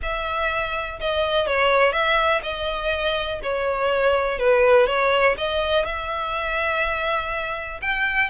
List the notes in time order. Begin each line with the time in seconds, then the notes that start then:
0.02 E5
1.00 D#5
1.46 C#5
1.92 E5
2.42 D#5
3.43 C#5
4.38 B4
4.86 C#5
5.37 D#5
5.85 E5
7.81 G5